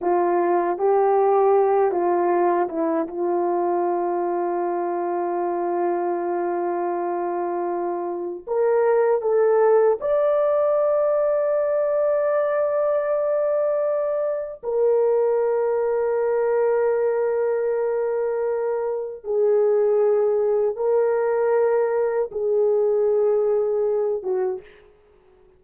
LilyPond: \new Staff \with { instrumentName = "horn" } { \time 4/4 \tempo 4 = 78 f'4 g'4. f'4 e'8 | f'1~ | f'2. ais'4 | a'4 d''2.~ |
d''2. ais'4~ | ais'1~ | ais'4 gis'2 ais'4~ | ais'4 gis'2~ gis'8 fis'8 | }